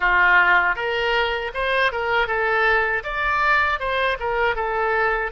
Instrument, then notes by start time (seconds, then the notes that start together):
oboe
0.00 F4
0.75 A#4
1.54 C5
1.92 A#4
2.27 A4
3.03 D5
3.79 C5
4.19 A#4
4.55 A4